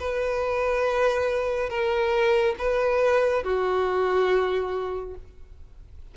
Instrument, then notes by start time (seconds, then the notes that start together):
violin
0.00 B4
1.70 A#4
2.59 B4
3.44 F#4